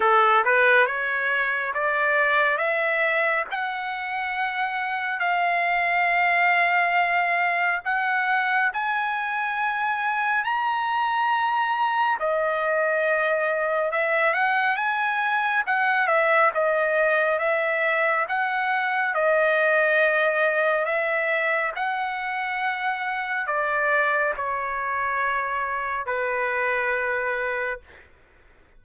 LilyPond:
\new Staff \with { instrumentName = "trumpet" } { \time 4/4 \tempo 4 = 69 a'8 b'8 cis''4 d''4 e''4 | fis''2 f''2~ | f''4 fis''4 gis''2 | ais''2 dis''2 |
e''8 fis''8 gis''4 fis''8 e''8 dis''4 | e''4 fis''4 dis''2 | e''4 fis''2 d''4 | cis''2 b'2 | }